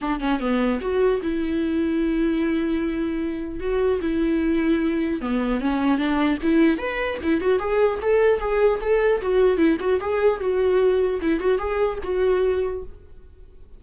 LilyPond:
\new Staff \with { instrumentName = "viola" } { \time 4/4 \tempo 4 = 150 d'8 cis'8 b4 fis'4 e'4~ | e'1~ | e'4 fis'4 e'2~ | e'4 b4 cis'4 d'4 |
e'4 b'4 e'8 fis'8 gis'4 | a'4 gis'4 a'4 fis'4 | e'8 fis'8 gis'4 fis'2 | e'8 fis'8 gis'4 fis'2 | }